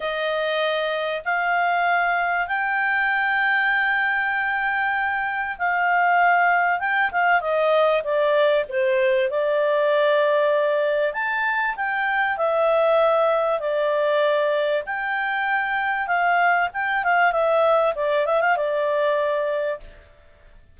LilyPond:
\new Staff \with { instrumentName = "clarinet" } { \time 4/4 \tempo 4 = 97 dis''2 f''2 | g''1~ | g''4 f''2 g''8 f''8 | dis''4 d''4 c''4 d''4~ |
d''2 a''4 g''4 | e''2 d''2 | g''2 f''4 g''8 f''8 | e''4 d''8 e''16 f''16 d''2 | }